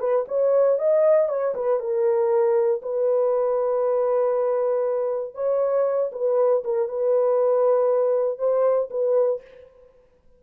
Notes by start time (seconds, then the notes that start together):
0.00 B4
0.28 C#5
0.79 D#5
1.29 C#5
1.55 B4
1.80 A#4
2.82 B4
5.35 C#5
6.12 B4
6.64 A#4
6.89 B4
8.39 C5
8.91 B4